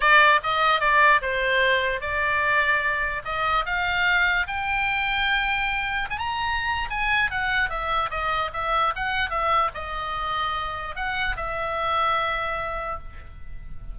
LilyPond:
\new Staff \with { instrumentName = "oboe" } { \time 4/4 \tempo 4 = 148 d''4 dis''4 d''4 c''4~ | c''4 d''2. | dis''4 f''2 g''4~ | g''2. gis''16 ais''8.~ |
ais''4 gis''4 fis''4 e''4 | dis''4 e''4 fis''4 e''4 | dis''2. fis''4 | e''1 | }